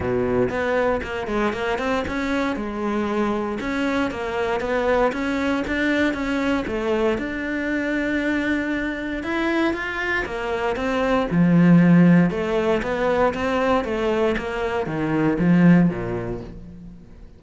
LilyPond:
\new Staff \with { instrumentName = "cello" } { \time 4/4 \tempo 4 = 117 b,4 b4 ais8 gis8 ais8 c'8 | cis'4 gis2 cis'4 | ais4 b4 cis'4 d'4 | cis'4 a4 d'2~ |
d'2 e'4 f'4 | ais4 c'4 f2 | a4 b4 c'4 a4 | ais4 dis4 f4 ais,4 | }